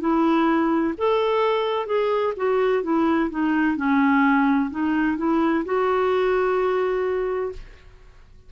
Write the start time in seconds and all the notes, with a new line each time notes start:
0.00 E4
0.98 A4
1.86 G#4
2.37 F#4
2.83 E4
3.30 D#4
3.76 C#4
4.70 D#4
5.17 E4
5.65 F#4